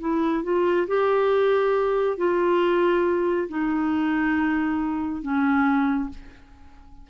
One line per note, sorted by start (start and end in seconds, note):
0.00 0.43 E4
0.43 0.87 F4
0.87 2.18 G4
2.18 3.48 F4
3.49 5.22 D#4
5.22 6.09 C#4